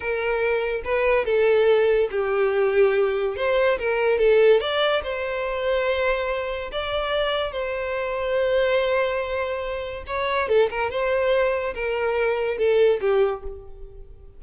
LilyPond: \new Staff \with { instrumentName = "violin" } { \time 4/4 \tempo 4 = 143 ais'2 b'4 a'4~ | a'4 g'2. | c''4 ais'4 a'4 d''4 | c''1 |
d''2 c''2~ | c''1 | cis''4 a'8 ais'8 c''2 | ais'2 a'4 g'4 | }